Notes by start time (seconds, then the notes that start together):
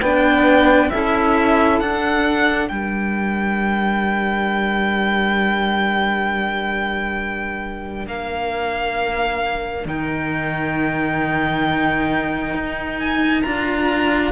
0.00 B3 D4 B4 G5
0.90 C#4 E4 A4 E5
1.79 D4 F#5
2.68 G3 A#4 G5
8.06 A#3 F5
9.85 D#3 D#4 G5
12.54 D#4
12.99 G#5
13.42 D4 F4 A#5